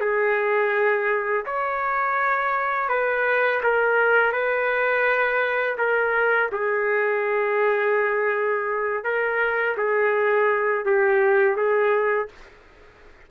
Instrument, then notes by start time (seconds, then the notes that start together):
trumpet
0.00 G#4
1.45 C#5
2.88 B4
3.63 A#4
4.32 B4
5.78 A#4
6.52 G#4
9.04 A#4
9.77 G#4
10.85 G4
11.56 G#4